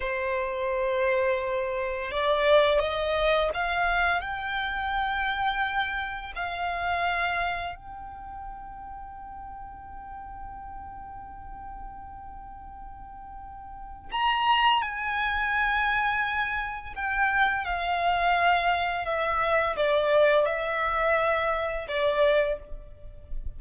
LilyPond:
\new Staff \with { instrumentName = "violin" } { \time 4/4 \tempo 4 = 85 c''2. d''4 | dis''4 f''4 g''2~ | g''4 f''2 g''4~ | g''1~ |
g''1 | ais''4 gis''2. | g''4 f''2 e''4 | d''4 e''2 d''4 | }